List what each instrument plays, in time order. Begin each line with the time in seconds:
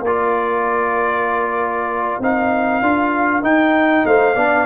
0.00 tuba A#3, trombone F4, horn A#4, trumpet D5
2.19 tuba C4, trombone D#4, trumpet F5
2.81 tuba D4, trombone F4
3.42 tuba D#4, trombone D#4, trumpet G5
4.05 tuba A3, horn C5, trumpet F5
4.35 tuba B3, trombone D4, horn D5